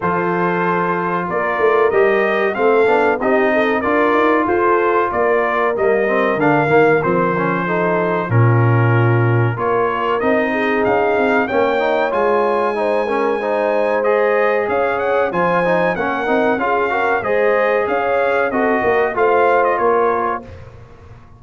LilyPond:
<<
  \new Staff \with { instrumentName = "trumpet" } { \time 4/4 \tempo 4 = 94 c''2 d''4 dis''4 | f''4 dis''4 d''4 c''4 | d''4 dis''4 f''4 c''4~ | c''4 ais'2 cis''4 |
dis''4 f''4 g''4 gis''4~ | gis''2 dis''4 f''8 fis''8 | gis''4 fis''4 f''4 dis''4 | f''4 dis''4 f''8. dis''16 cis''4 | }
  \new Staff \with { instrumentName = "horn" } { \time 4/4 a'2 ais'2 | a'4 g'8 a'8 ais'4 a'4 | ais'1 | a'4 f'2 ais'4~ |
ais'8 gis'4. cis''2 | c''8 ais'8 c''2 cis''4 | c''4 ais'4 gis'8 ais'8 c''4 | cis''4 a'8 ais'8 c''4 ais'4 | }
  \new Staff \with { instrumentName = "trombone" } { \time 4/4 f'2. g'4 | c'8 d'8 dis'4 f'2~ | f'4 ais8 c'8 d'8 ais8 c'8 cis'8 | dis'4 cis'2 f'4 |
dis'2 cis'8 dis'8 f'4 | dis'8 cis'8 dis'4 gis'2 | f'8 dis'8 cis'8 dis'8 f'8 fis'8 gis'4~ | gis'4 fis'4 f'2 | }
  \new Staff \with { instrumentName = "tuba" } { \time 4/4 f2 ais8 a8 g4 | a8 b8 c'4 d'8 dis'8 f'4 | ais4 g4 d8 dis8 f4~ | f4 ais,2 ais4 |
c'4 cis'8 c'8 ais4 gis4~ | gis2. cis'4 | f4 ais8 c'8 cis'4 gis4 | cis'4 c'8 ais8 a4 ais4 | }
>>